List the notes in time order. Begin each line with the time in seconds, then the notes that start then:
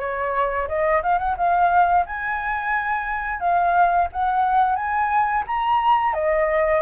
0.00 C#5
0.68 D#5
1.03 F5
1.19 F#5
1.37 F5
2.07 G#5
3.40 F5
4.13 F#5
4.76 G#5
5.47 A#5
6.14 D#5